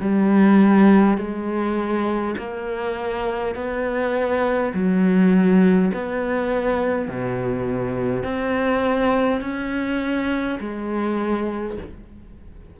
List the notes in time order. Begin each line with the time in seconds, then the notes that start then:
0.00 G3
1.17 G#3
2.38 A#3
3.55 B3
4.74 F#3
5.93 B3
7.08 B2
8.24 C4
9.41 C#4
10.60 G#3